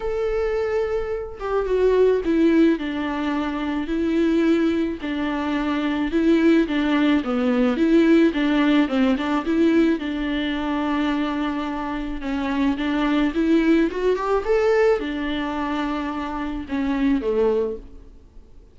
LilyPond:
\new Staff \with { instrumentName = "viola" } { \time 4/4 \tempo 4 = 108 a'2~ a'8 g'8 fis'4 | e'4 d'2 e'4~ | e'4 d'2 e'4 | d'4 b4 e'4 d'4 |
c'8 d'8 e'4 d'2~ | d'2 cis'4 d'4 | e'4 fis'8 g'8 a'4 d'4~ | d'2 cis'4 a4 | }